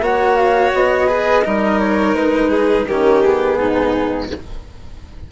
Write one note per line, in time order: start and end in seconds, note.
0.00 0.71 A#3
0.00 1.07 F#4
0.00 1.08 C#5
0.00 0.36 F#5
0.36 0.71 F5
0.73 1.44 B3
0.73 1.79 D#5
1.07 1.43 G#4
1.07 1.43 B4
1.44 2.14 G3
1.44 2.87 D#4
1.44 2.49 A#4
1.79 2.15 C#5
2.14 2.85 G#3
2.14 2.86 B4
2.49 2.85 G#4
2.87 3.58 D#3
2.87 3.24 C#4
2.87 3.58 G4
2.87 3.22 A#4
3.22 4.31 B3
3.22 4.29 G#4
3.58 4.29 G#2
3.58 4.31 D#4